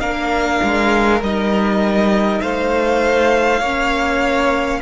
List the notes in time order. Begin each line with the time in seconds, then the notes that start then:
0.00 A#3 D4 A#4 F5
0.63 G#3
1.21 G3 D#4 D#5
2.41 A3 C5 F5
3.60 A#3 C#4 C#5